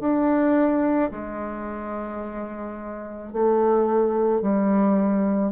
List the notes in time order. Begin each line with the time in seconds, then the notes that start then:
0.00 D4
1.12 G#3
3.33 A3
4.42 G3